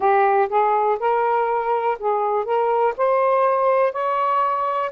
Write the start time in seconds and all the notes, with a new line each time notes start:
0.00 G4
0.49 G#4
0.99 A#4
1.99 G#4
2.44 A#4
2.97 C5
3.92 C#5